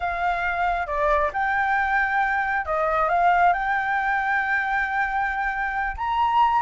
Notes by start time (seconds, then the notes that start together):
0.00 F5
0.86 D5
1.33 G5
2.65 D#5
3.09 F5
3.53 G5
5.97 A#5